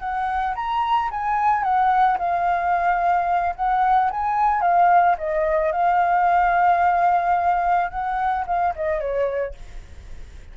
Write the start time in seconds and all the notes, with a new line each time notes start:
0.00 F#5
0.56 A#5
1.11 G#5
1.63 F#5
2.19 F5
3.56 F#5
4.11 G#5
4.61 F5
5.18 D#5
5.72 F5
7.91 F#5
8.47 F5
8.76 D#5
9.00 C#5